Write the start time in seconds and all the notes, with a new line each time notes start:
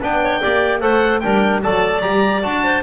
0.00 B3 D4 B4 G5
0.23 C#5
0.41 A#3 G4 D5
0.81 A3 A4 C5 F#5
1.21 G3 D4 A#4 G5
1.63 F#3 A4 D5 A5
2.02 G3 G4 A#5
2.43 D4 F#4 A5
2.64 C5